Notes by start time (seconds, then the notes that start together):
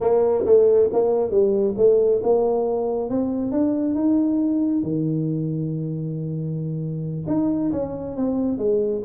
0.00 A#3
0.45 A3
0.92 A#3
1.30 G3
1.77 A3
2.23 A#3
3.09 C4
3.51 D4
3.94 D#4
4.82 D#3
7.27 D#4
7.72 C#4
8.16 C4
8.58 G#3